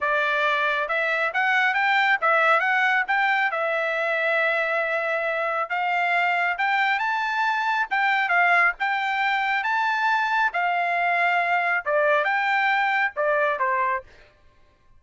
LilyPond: \new Staff \with { instrumentName = "trumpet" } { \time 4/4 \tempo 4 = 137 d''2 e''4 fis''4 | g''4 e''4 fis''4 g''4 | e''1~ | e''4 f''2 g''4 |
a''2 g''4 f''4 | g''2 a''2 | f''2. d''4 | g''2 d''4 c''4 | }